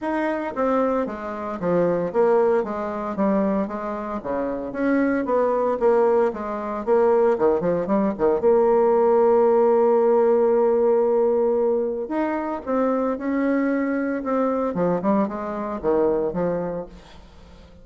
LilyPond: \new Staff \with { instrumentName = "bassoon" } { \time 4/4 \tempo 4 = 114 dis'4 c'4 gis4 f4 | ais4 gis4 g4 gis4 | cis4 cis'4 b4 ais4 | gis4 ais4 dis8 f8 g8 dis8 |
ais1~ | ais2. dis'4 | c'4 cis'2 c'4 | f8 g8 gis4 dis4 f4 | }